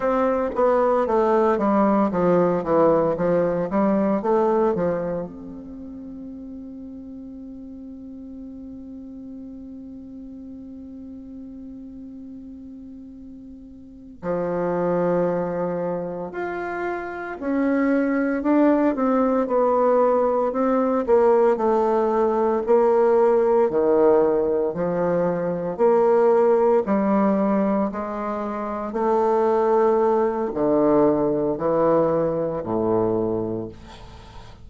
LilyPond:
\new Staff \with { instrumentName = "bassoon" } { \time 4/4 \tempo 4 = 57 c'8 b8 a8 g8 f8 e8 f8 g8 | a8 f8 c'2.~ | c'1~ | c'4. f2 f'8~ |
f'8 cis'4 d'8 c'8 b4 c'8 | ais8 a4 ais4 dis4 f8~ | f8 ais4 g4 gis4 a8~ | a4 d4 e4 a,4 | }